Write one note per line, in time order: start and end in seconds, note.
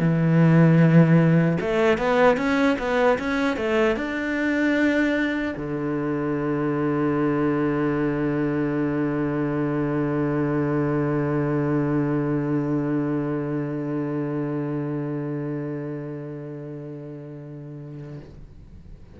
0.00 1.58 E3
1.61 1.98 A3
1.98 2.37 B3
2.37 2.77 C#4
2.79 3.18 B3
3.19 3.57 C#4
3.57 3.96 A3
3.97 5.54 D4
5.57 18.20 D3